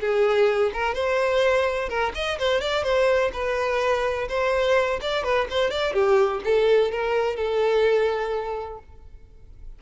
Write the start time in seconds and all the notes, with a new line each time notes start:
0.00 G#4
0.73 A#4
0.94 C5
1.89 A#4
2.15 D#5
2.39 C5
2.61 D5
2.84 C5
3.33 B4
4.29 C5
5.02 D5
5.24 B4
5.50 C5
5.71 D5
5.93 G4
6.44 A4
6.91 A#4
7.36 A4